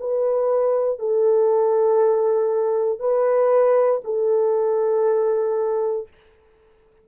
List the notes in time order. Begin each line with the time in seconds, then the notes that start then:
0.00 B4
0.99 A4
3.00 B4
4.04 A4